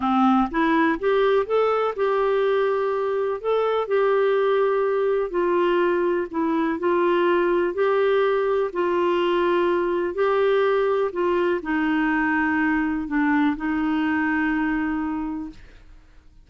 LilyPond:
\new Staff \with { instrumentName = "clarinet" } { \time 4/4 \tempo 4 = 124 c'4 e'4 g'4 a'4 | g'2. a'4 | g'2. f'4~ | f'4 e'4 f'2 |
g'2 f'2~ | f'4 g'2 f'4 | dis'2. d'4 | dis'1 | }